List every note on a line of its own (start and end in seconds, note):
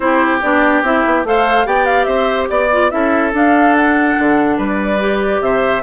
0.00 0.41 C4
0.00 0.41 E4
0.00 1.27 G4
0.00 0.38 C5
0.41 0.82 B3
0.41 0.83 D4
0.41 0.83 D5
0.82 1.03 C4
0.82 1.24 E4
0.82 1.26 E5
1.05 1.24 B3
1.24 1.66 A3
1.24 1.65 A4
1.24 1.66 C5
1.24 1.67 F5
1.65 2.06 B3
1.65 2.69 G4
1.65 2.06 D5
1.65 1.85 G5
1.85 2.04 F5
2.04 2.48 C4
2.04 2.48 C5
2.04 2.46 E5
2.49 2.91 B3
2.49 2.90 D5
2.49 2.91 D5
2.72 2.90 F4
2.90 3.33 C#4
2.90 3.32 E4
2.90 4.57 A4
2.90 3.32 E5
3.33 4.16 D4
3.33 4.99 D4
3.33 3.76 F5
3.76 4.59 F#5
4.18 4.58 D3
4.57 5.40 G3
4.57 5.40 B4
4.57 5.42 D5
4.99 5.82 G4
5.40 5.82 C3
5.40 5.82 C5
5.40 5.82 E5